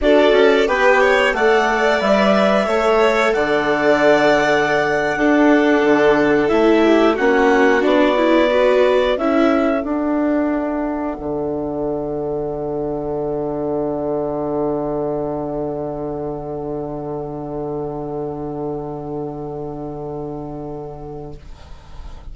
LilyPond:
<<
  \new Staff \with { instrumentName = "clarinet" } { \time 4/4 \tempo 4 = 90 d''4 g''4 fis''4 e''4~ | e''4 fis''2.~ | fis''4.~ fis''16 e''4 fis''4 d''16~ | d''4.~ d''16 e''4 fis''4~ fis''16~ |
fis''1~ | fis''1~ | fis''1~ | fis''1 | }
  \new Staff \with { instrumentName = "violin" } { \time 4/4 a'4 b'8 cis''8 d''2 | cis''4 d''2~ d''8. a'16~ | a'2~ a'16 g'8 fis'4~ fis'16~ | fis'8. b'4 a'2~ a'16~ |
a'1~ | a'1~ | a'1~ | a'1 | }
  \new Staff \with { instrumentName = "viola" } { \time 4/4 fis'4 g'4 a'4 b'4 | a'2.~ a'8. d'16~ | d'4.~ d'16 e'4 cis'4 d'16~ | d'16 e'8 fis'4 e'4 d'4~ d'16~ |
d'1~ | d'1~ | d'1~ | d'1 | }
  \new Staff \with { instrumentName = "bassoon" } { \time 4/4 d'8 cis'8 b4 a4 g4 | a4 d2~ d8. d'16~ | d'8. d4 a4 ais4 b16~ | b4.~ b16 cis'4 d'4~ d'16~ |
d'8. d2.~ d16~ | d1~ | d1~ | d1 | }
>>